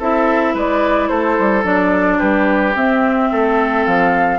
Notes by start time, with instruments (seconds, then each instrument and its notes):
0.00 bassoon C4, clarinet E4, oboe A4, flute E5
0.55 bassoon G#3, oboe B4, flute D5
1.09 bassoon A3, oboe A4, flute C5
1.39 bassoon G3
1.64 bassoon F#3, clarinet D4, flute D5
2.18 bassoon G3, oboe G4, flute B4
2.76 bassoon C4, clarinet C4, flute E5
3.32 bassoon A3, oboe A4
3.86 bassoon F3, flute F5